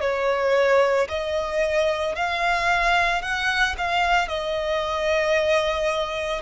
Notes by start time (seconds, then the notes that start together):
0.00 C#5
1.08 D#5
2.15 F5
3.21 F#5
3.77 F5
4.28 D#5